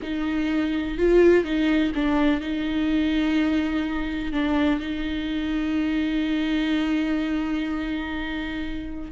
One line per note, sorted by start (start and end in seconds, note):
0.02 0.98 D#4
0.98 1.44 F4
1.44 1.92 D#4
1.94 2.40 D4
2.40 4.32 D#4
4.32 4.79 D4
4.79 9.11 D#4